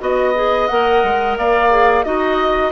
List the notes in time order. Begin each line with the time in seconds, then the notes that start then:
0.00 B3 F#4 D#5
0.35 G#4
0.68 A#3 A#4 F#5
1.04 G#3
1.38 A#3 D5 F5
1.71 G#4
2.04 D#4 F#4 D#5